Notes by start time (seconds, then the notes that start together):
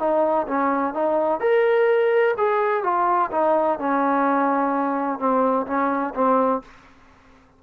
0.00 D#4
0.48 C#4
0.94 D#4
1.41 A#4
2.38 G#4
2.84 F4
3.32 D#4
3.79 C#4
5.19 C4
5.67 C#4
6.15 C4